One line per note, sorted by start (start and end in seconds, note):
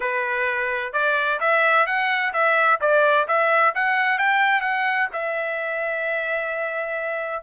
0.00 0.93 B4
0.93 1.39 D5
1.40 1.86 E5
1.86 2.33 F#5
2.33 2.79 E5
2.80 3.27 D5
3.27 3.74 E5
3.74 4.18 F#5
4.18 4.61 G5
4.61 5.07 F#5
5.12 7.43 E5